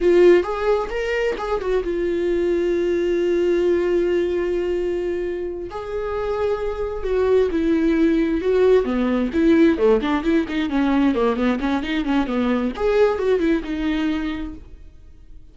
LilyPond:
\new Staff \with { instrumentName = "viola" } { \time 4/4 \tempo 4 = 132 f'4 gis'4 ais'4 gis'8 fis'8 | f'1~ | f'1~ | f'8 gis'2. fis'8~ |
fis'8 e'2 fis'4 b8~ | b8 e'4 a8 d'8 e'8 dis'8 cis'8~ | cis'8 ais8 b8 cis'8 dis'8 cis'8 b4 | gis'4 fis'8 e'8 dis'2 | }